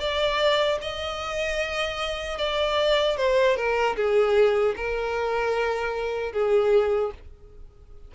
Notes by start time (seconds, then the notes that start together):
0.00 D5
0.82 D#5
2.38 D5
3.17 C5
3.57 A#4
3.96 G#4
4.77 A#4
6.33 G#4